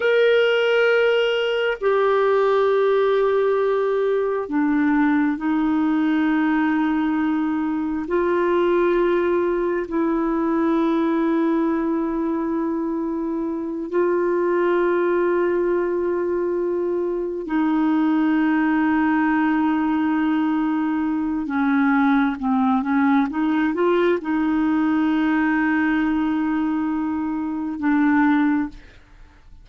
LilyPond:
\new Staff \with { instrumentName = "clarinet" } { \time 4/4 \tempo 4 = 67 ais'2 g'2~ | g'4 d'4 dis'2~ | dis'4 f'2 e'4~ | e'2.~ e'8 f'8~ |
f'2.~ f'8 dis'8~ | dis'1 | cis'4 c'8 cis'8 dis'8 f'8 dis'4~ | dis'2. d'4 | }